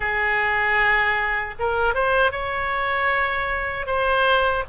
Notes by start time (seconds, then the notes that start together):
0.00 G#4
1.59 A#4
1.94 C5
2.31 C#5
3.86 C5